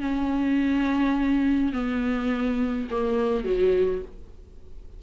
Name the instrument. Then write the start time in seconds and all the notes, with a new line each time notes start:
viola
0.00 C#4
1.72 B3
2.90 A#3
3.44 F#3